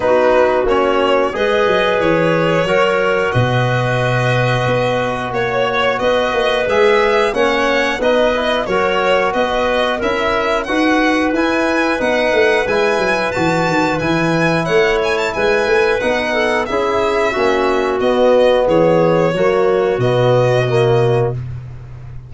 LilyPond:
<<
  \new Staff \with { instrumentName = "violin" } { \time 4/4 \tempo 4 = 90 b'4 cis''4 dis''4 cis''4~ | cis''4 dis''2. | cis''4 dis''4 e''4 fis''4 | dis''4 cis''4 dis''4 e''4 |
fis''4 gis''4 fis''4 gis''4 | a''4 gis''4 fis''8 gis''16 a''16 gis''4 | fis''4 e''2 dis''4 | cis''2 dis''2 | }
  \new Staff \with { instrumentName = "clarinet" } { \time 4/4 fis'2 b'2 | ais'4 b'2. | cis''4 b'2 cis''4 | b'4 ais'4 b'4 ais'4 |
b'1~ | b'2 cis''4 b'4~ | b'8 a'8 gis'4 fis'2 | gis'4 fis'2. | }
  \new Staff \with { instrumentName = "trombone" } { \time 4/4 dis'4 cis'4 gis'2 | fis'1~ | fis'2 gis'4 cis'4 | dis'8 e'8 fis'2 e'4 |
fis'4 e'4 dis'4 e'4 | fis'4 e'2. | dis'4 e'4 cis'4 b4~ | b4 ais4 b4 ais4 | }
  \new Staff \with { instrumentName = "tuba" } { \time 4/4 b4 ais4 gis8 fis8 e4 | fis4 b,2 b4 | ais4 b8 ais8 gis4 ais4 | b4 fis4 b4 cis'4 |
dis'4 e'4 b8 a8 gis8 fis8 | e8 dis8 e4 a4 gis8 a8 | b4 cis'4 ais4 b4 | e4 fis4 b,2 | }
>>